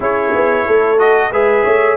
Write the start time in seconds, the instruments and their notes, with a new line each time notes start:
0.00 tuba C#4, trombone E4, horn G#4, trumpet C#5
0.34 tuba B3
0.66 tuba A3, horn A4
0.98 trombone F#4, trumpet D#5
1.31 tuba G#3, trombone G#4, horn B4, trumpet E5
1.64 tuba A3, horn C#5